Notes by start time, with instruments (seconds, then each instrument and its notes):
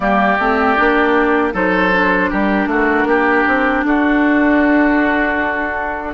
0.00 bassoon G3, clarinet A#3, oboe G4, flute D5
0.38 bassoon A3, clarinet C4
0.76 bassoon A#3, clarinet D4
1.52 bassoon F#3, clarinet D#4, oboe A4, flute C5
1.92 clarinet D4
2.29 bassoon G3, oboe G4, flute A#4
2.66 bassoon A3, oboe F#4
3.05 bassoon A#3, oboe G4
3.47 bassoon C4
3.83 bassoon D4, oboe F#4, flute A4